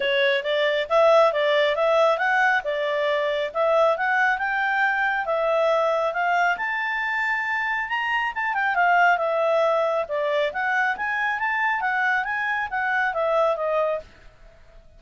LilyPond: \new Staff \with { instrumentName = "clarinet" } { \time 4/4 \tempo 4 = 137 cis''4 d''4 e''4 d''4 | e''4 fis''4 d''2 | e''4 fis''4 g''2 | e''2 f''4 a''4~ |
a''2 ais''4 a''8 g''8 | f''4 e''2 d''4 | fis''4 gis''4 a''4 fis''4 | gis''4 fis''4 e''4 dis''4 | }